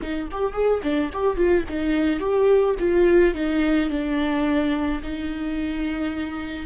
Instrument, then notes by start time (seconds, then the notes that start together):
viola
0.01 D#4
0.31 G4
0.52 G#4
0.82 D4
1.12 G4
1.36 F4
1.68 D#4
2.19 G4
2.79 F4
3.34 D#4
3.89 D4
5.03 D#4